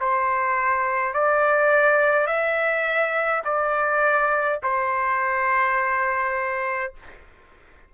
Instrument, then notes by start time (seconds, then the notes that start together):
trumpet
0.00 C5
1.14 D5
2.27 E5
3.45 D5
4.63 C5